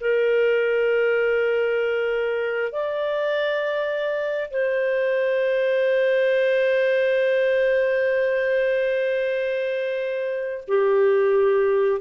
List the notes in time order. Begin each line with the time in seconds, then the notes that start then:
0.00 A#4
2.72 D5
4.50 C5
10.67 G4